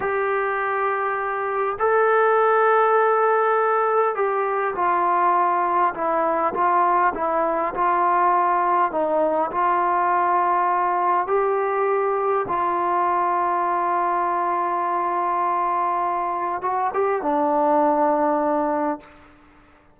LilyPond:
\new Staff \with { instrumentName = "trombone" } { \time 4/4 \tempo 4 = 101 g'2. a'4~ | a'2. g'4 | f'2 e'4 f'4 | e'4 f'2 dis'4 |
f'2. g'4~ | g'4 f'2.~ | f'1 | fis'8 g'8 d'2. | }